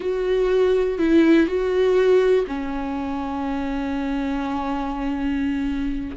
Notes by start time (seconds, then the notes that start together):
0.00 F#4
0.98 E4
1.46 F#4
2.47 C#4